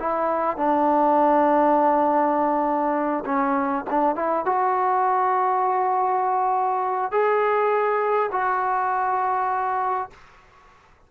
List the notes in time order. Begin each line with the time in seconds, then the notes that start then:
0.00 E4
0.57 D4
3.26 C#4
3.90 D4
4.16 E4
4.46 F#4
7.12 G#4
8.32 F#4